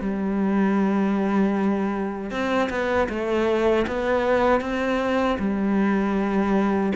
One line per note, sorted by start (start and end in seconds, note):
0.00 2.30 G3
2.30 2.69 C4
2.69 3.08 B3
3.09 3.86 A3
3.87 4.60 B3
4.60 5.37 C4
5.38 6.92 G3